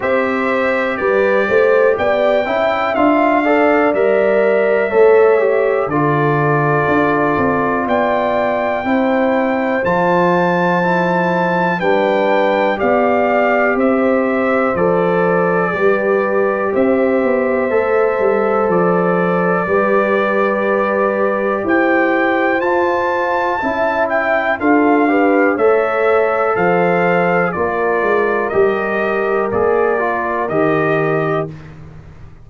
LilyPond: <<
  \new Staff \with { instrumentName = "trumpet" } { \time 4/4 \tempo 4 = 61 e''4 d''4 g''4 f''4 | e''2 d''2 | g''2 a''2 | g''4 f''4 e''4 d''4~ |
d''4 e''2 d''4~ | d''2 g''4 a''4~ | a''8 g''8 f''4 e''4 f''4 | d''4 dis''4 d''4 dis''4 | }
  \new Staff \with { instrumentName = "horn" } { \time 4/4 c''4 b'8 c''8 d''8 e''4 d''8~ | d''4 cis''4 a'2 | d''4 c''2. | b'4 d''4 c''2 |
b'4 c''2. | b'2 c''2 | e''4 a'8 b'8 cis''4 c''4 | ais'1 | }
  \new Staff \with { instrumentName = "trombone" } { \time 4/4 g'2~ g'8 e'8 f'8 a'8 | ais'4 a'8 g'8 f'2~ | f'4 e'4 f'4 e'4 | d'4 g'2 a'4 |
g'2 a'2 | g'2. f'4 | e'4 f'8 g'8 a'2 | f'4 g'4 gis'8 f'8 g'4 | }
  \new Staff \with { instrumentName = "tuba" } { \time 4/4 c'4 g8 a8 b8 cis'8 d'4 | g4 a4 d4 d'8 c'8 | b4 c'4 f2 | g4 b4 c'4 f4 |
g4 c'8 b8 a8 g8 f4 | g2 e'4 f'4 | cis'4 d'4 a4 f4 | ais8 gis8 g4 ais4 dis4 | }
>>